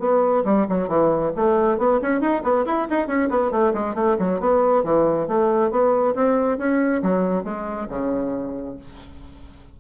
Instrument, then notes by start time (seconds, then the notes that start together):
bassoon
0.00 B3
0.45 G3
0.69 F#3
0.88 E3
1.36 A3
1.78 B3
2.02 C#4
2.21 D#4
2.43 B3
2.66 E4
2.90 D#4
3.08 C#4
3.30 B3
3.52 A3
3.74 G#3
3.95 A3
4.19 F#3
4.40 B3
4.84 E3
5.28 A3
5.71 B3
6.15 C4
6.58 C#4
7.03 F#3
7.44 G#3
7.89 C#3